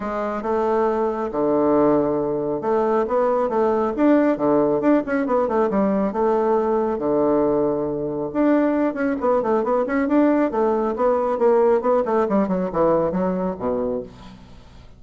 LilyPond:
\new Staff \with { instrumentName = "bassoon" } { \time 4/4 \tempo 4 = 137 gis4 a2 d4~ | d2 a4 b4 | a4 d'4 d4 d'8 cis'8 | b8 a8 g4 a2 |
d2. d'4~ | d'8 cis'8 b8 a8 b8 cis'8 d'4 | a4 b4 ais4 b8 a8 | g8 fis8 e4 fis4 b,4 | }